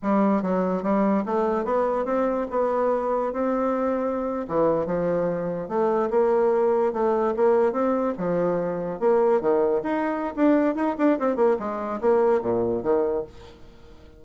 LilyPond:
\new Staff \with { instrumentName = "bassoon" } { \time 4/4 \tempo 4 = 145 g4 fis4 g4 a4 | b4 c'4 b2 | c'2~ c'8. e4 f16~ | f4.~ f16 a4 ais4~ ais16~ |
ais8. a4 ais4 c'4 f16~ | f4.~ f16 ais4 dis4 dis'16~ | dis'4 d'4 dis'8 d'8 c'8 ais8 | gis4 ais4 ais,4 dis4 | }